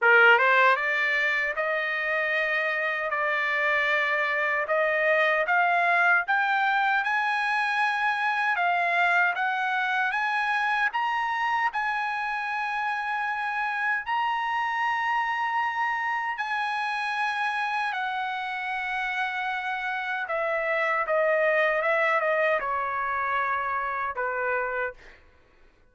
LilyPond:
\new Staff \with { instrumentName = "trumpet" } { \time 4/4 \tempo 4 = 77 ais'8 c''8 d''4 dis''2 | d''2 dis''4 f''4 | g''4 gis''2 f''4 | fis''4 gis''4 ais''4 gis''4~ |
gis''2 ais''2~ | ais''4 gis''2 fis''4~ | fis''2 e''4 dis''4 | e''8 dis''8 cis''2 b'4 | }